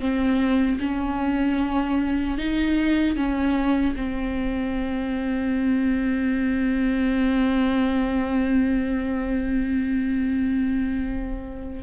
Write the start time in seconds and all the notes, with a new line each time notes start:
0.00 C4
0.80 C#4
2.38 D#4
3.17 C#4
3.96 C4